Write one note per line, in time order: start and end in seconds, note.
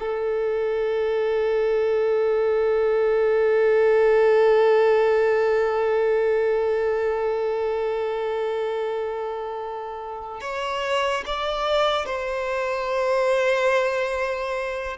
0.00 10.41 A4
10.41 11.25 C#5
11.27 12.06 D5
12.06 14.98 C5